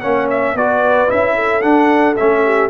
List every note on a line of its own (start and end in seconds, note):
0.00 0.54 A#3
0.00 0.56 C#4
0.00 0.55 C#5
0.00 0.27 F#5
0.29 0.56 E5
0.54 1.07 B3
0.54 1.07 F#4
0.54 1.34 B4
0.54 1.10 D5
1.07 1.63 C#4
1.07 1.61 E4
1.07 1.61 E5
1.34 2.42 A4
1.61 2.15 D4
1.61 2.16 D4
1.61 2.15 F#5
2.16 2.69 A3
2.16 2.69 C#4
2.16 2.69 E5
2.44 2.69 G4